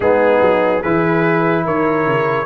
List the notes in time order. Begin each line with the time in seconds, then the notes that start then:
0.00 G#3 B3 D#4 G#4
0.41 F#3
0.80 E3 E4 G#4 B4
1.64 D#3 A#4 C#5
2.05 C#3